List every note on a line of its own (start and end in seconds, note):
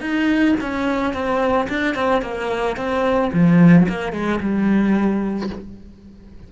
0.00 0.55 D#4
0.60 1.13 C#4
1.13 1.68 C4
1.69 1.94 D4
1.94 2.22 C4
2.22 2.76 A#3
2.76 3.31 C4
3.32 3.87 F3
3.88 4.12 A#3
4.12 4.39 G#3
4.40 5.49 G3